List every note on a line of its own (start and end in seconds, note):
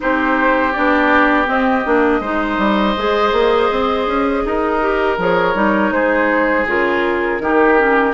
0.00 0.76 C4
0.00 0.73 D#4
0.00 2.20 G4
0.00 0.72 C5
0.72 1.48 B3
0.72 1.46 D4
0.72 1.46 D5
1.46 1.83 C4
1.46 1.85 C4
1.46 5.18 D#5
1.85 2.20 A#3
1.85 2.22 D4
2.20 2.57 G#3
2.20 2.96 D#4
2.20 4.42 C5
2.57 2.94 G3
2.96 3.32 G#3
2.96 4.81 G#4
3.32 3.69 A#3
3.70 4.06 C4
4.06 4.43 C#4
4.44 5.18 D#4
4.44 5.93 A#4
4.81 5.18 G4
5.18 5.54 F3
5.18 5.54 G#4
5.18 5.92 C#5
5.54 5.90 G3
5.54 6.65 D#4
5.90 6.65 G#3
5.90 7.42 G#4
5.90 6.66 C5
6.66 7.39 C#3
6.66 7.40 F4
6.66 8.13 A#4
7.39 8.13 D#3
7.39 7.77 D#4
7.39 8.13 G4
7.77 8.13 C#4